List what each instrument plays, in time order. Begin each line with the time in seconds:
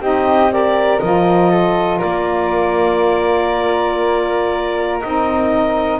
0.00 double bass C4, saxophone D#4, flute G4, clarinet D#5
0.49 saxophone G4, flute A#4, clarinet D5
0.99 double bass F3, saxophone F4, clarinet D#5
1.50 flute A4
1.98 double bass A#3, flute A#4, clarinet D5
5.00 double bass C4, saxophone D#4, clarinet D#5